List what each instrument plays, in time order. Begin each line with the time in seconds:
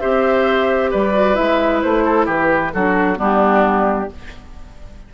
0.00 bassoon C4, clarinet G4, oboe C5, flute E5
0.90 bassoon G3, oboe B4, flute D5
1.13 clarinet F#4
1.34 bassoon G#3, clarinet E4, flute E5
1.81 bassoon A3, flute C5
2.04 oboe A4
2.26 bassoon E3, oboe G4, flute B4
2.73 bassoon F#3, clarinet D4, oboe F#4, flute A4
3.15 bassoon G3, clarinet B3, oboe D4
3.22 flute G4